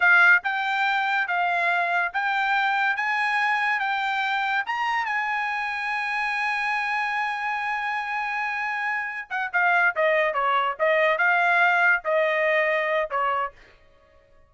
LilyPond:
\new Staff \with { instrumentName = "trumpet" } { \time 4/4 \tempo 4 = 142 f''4 g''2 f''4~ | f''4 g''2 gis''4~ | gis''4 g''2 ais''4 | gis''1~ |
gis''1~ | gis''2 fis''8 f''4 dis''8~ | dis''8 cis''4 dis''4 f''4.~ | f''8 dis''2~ dis''8 cis''4 | }